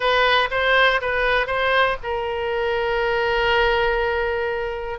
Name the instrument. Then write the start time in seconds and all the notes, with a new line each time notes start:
oboe
0.00 B4
0.50 C5
1.01 B4
1.47 C5
2.02 A#4